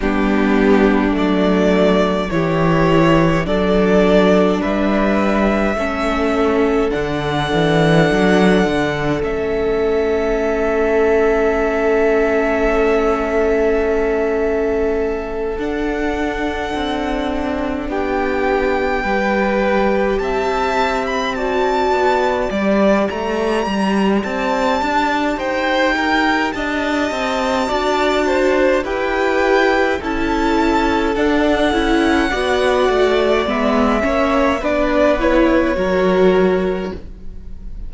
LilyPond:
<<
  \new Staff \with { instrumentName = "violin" } { \time 4/4 \tempo 4 = 52 g'4 d''4 cis''4 d''4 | e''2 fis''2 | e''1~ | e''4. fis''2 g''8~ |
g''4. a''8. b''16 a''4 d''8 | ais''4 a''4 g''4 a''4~ | a''4 g''4 a''4 fis''4~ | fis''4 e''4 d''8 cis''4. | }
  \new Staff \with { instrumentName = "violin" } { \time 4/4 d'2 g'4 a'4 | b'4 a'2.~ | a'1~ | a'2.~ a'8 g'8~ |
g'8 b'4 e''4 d''4.~ | d''2 c''8 ais'8 dis''4 | d''8 c''8 b'4 a'2 | d''4. cis''8 b'4 ais'4 | }
  \new Staff \with { instrumentName = "viola" } { \time 4/4 b4 a4 e'4 d'4~ | d'4 cis'4 d'2 | cis'1~ | cis'4. d'2~ d'8~ |
d'8 g'2 fis'4 g'8~ | g'1 | fis'4 g'4 e'4 d'8 e'8 | fis'4 b8 cis'8 d'8 e'8 fis'4 | }
  \new Staff \with { instrumentName = "cello" } { \time 4/4 g4 fis4 e4 fis4 | g4 a4 d8 e8 fis8 d8 | a1~ | a4. d'4 c'4 b8~ |
b8 g4 c'4. b8 g8 | a8 g8 c'8 d'8 dis'4 d'8 c'8 | d'4 e'4 cis'4 d'8 cis'8 | b8 a8 gis8 ais8 b4 fis4 | }
>>